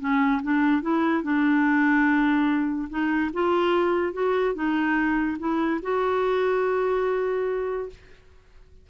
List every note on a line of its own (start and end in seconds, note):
0.00 0.41 C#4
0.43 0.82 D4
0.82 1.23 E4
1.23 2.89 D4
2.90 3.31 D#4
3.34 4.13 F4
4.13 4.55 F#4
4.55 5.38 D#4
5.39 5.81 E4
5.83 7.89 F#4